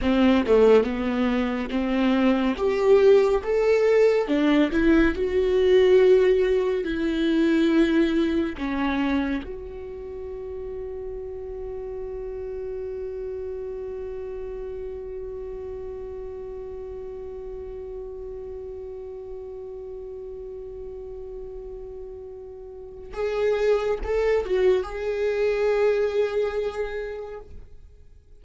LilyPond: \new Staff \with { instrumentName = "viola" } { \time 4/4 \tempo 4 = 70 c'8 a8 b4 c'4 g'4 | a'4 d'8 e'8 fis'2 | e'2 cis'4 fis'4~ | fis'1~ |
fis'1~ | fis'1~ | fis'2. gis'4 | a'8 fis'8 gis'2. | }